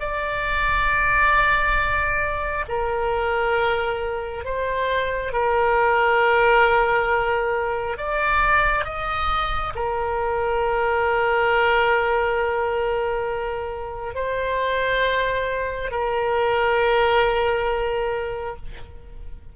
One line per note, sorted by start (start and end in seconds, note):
0.00 2.65 D5
2.69 4.45 A#4
4.45 5.33 C5
5.33 7.98 A#4
7.98 8.85 D5
8.85 9.73 D#5
9.75 14.15 A#4
14.15 15.91 C5
15.91 18.56 A#4